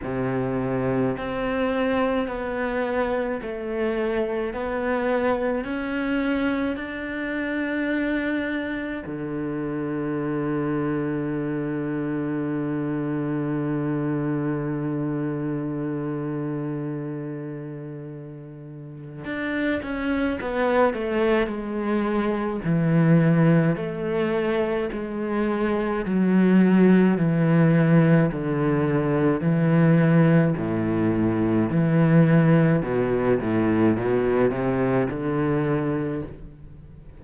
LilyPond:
\new Staff \with { instrumentName = "cello" } { \time 4/4 \tempo 4 = 53 c4 c'4 b4 a4 | b4 cis'4 d'2 | d1~ | d1~ |
d4 d'8 cis'8 b8 a8 gis4 | e4 a4 gis4 fis4 | e4 d4 e4 a,4 | e4 b,8 a,8 b,8 c8 d4 | }